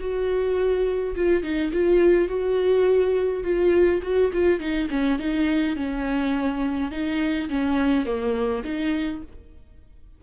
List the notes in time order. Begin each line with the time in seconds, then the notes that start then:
0.00 F#4
1.16 F4
1.43 D#4
1.73 F4
2.28 F#4
3.44 F4
4.03 F#4
4.33 F4
4.60 D#4
4.90 C#4
5.19 D#4
5.76 C#4
6.91 D#4
7.49 C#4
8.06 A#3
8.64 D#4